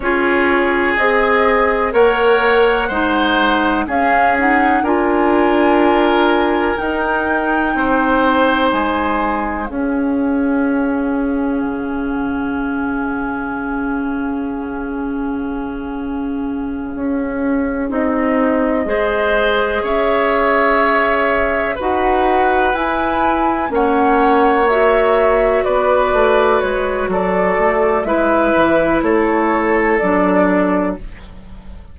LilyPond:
<<
  \new Staff \with { instrumentName = "flute" } { \time 4/4 \tempo 4 = 62 cis''4 dis''4 fis''2 | f''8 fis''8 gis''2 g''4~ | g''4 gis''4 f''2~ | f''1~ |
f''2~ f''8 dis''4.~ | dis''8 e''2 fis''4 gis''8~ | gis''8 fis''4 e''4 d''4 cis''8 | d''4 e''4 cis''4 d''4 | }
  \new Staff \with { instrumentName = "oboe" } { \time 4/4 gis'2 cis''4 c''4 | gis'4 ais'2. | c''2 gis'2~ | gis'1~ |
gis'2.~ gis'8 c''8~ | c''8 cis''2 b'4.~ | b'8 cis''2 b'4. | a'4 b'4 a'2 | }
  \new Staff \with { instrumentName = "clarinet" } { \time 4/4 f'4 gis'4 ais'4 dis'4 | cis'8 dis'8 f'2 dis'4~ | dis'2 cis'2~ | cis'1~ |
cis'2~ cis'8 dis'4 gis'8~ | gis'2~ gis'8 fis'4 e'8~ | e'8 cis'4 fis'2~ fis'8~ | fis'4 e'2 d'4 | }
  \new Staff \with { instrumentName = "bassoon" } { \time 4/4 cis'4 c'4 ais4 gis4 | cis'4 d'2 dis'4 | c'4 gis4 cis'2 | cis1~ |
cis4. cis'4 c'4 gis8~ | gis8 cis'2 dis'4 e'8~ | e'8 ais2 b8 a8 gis8 | fis8 a8 gis8 e8 a4 fis4 | }
>>